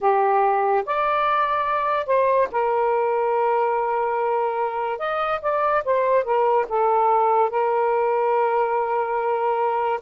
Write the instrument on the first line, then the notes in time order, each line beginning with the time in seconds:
saxophone
0.00 G4
0.85 D5
2.06 C5
2.51 A#4
4.98 D#5
5.41 D5
5.84 C5
6.23 A#4
6.69 A4
7.50 A#4